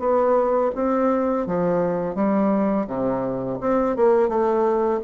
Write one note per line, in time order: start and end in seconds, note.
0.00 0.71 B3
0.76 1.47 C4
1.47 2.16 F3
2.16 2.87 G3
2.88 3.59 C3
3.61 3.97 C4
3.97 4.29 A#3
4.29 5.01 A3